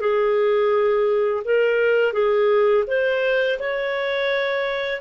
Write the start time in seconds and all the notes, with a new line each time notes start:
0.00 G#4
1.44 A#4
2.13 G#4
2.87 C5
3.59 C#5